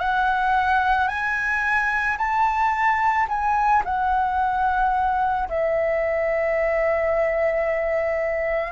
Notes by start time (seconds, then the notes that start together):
0.00 F#5
1.08 G#5
2.18 A5
3.28 G#5
3.85 F#5
5.49 E5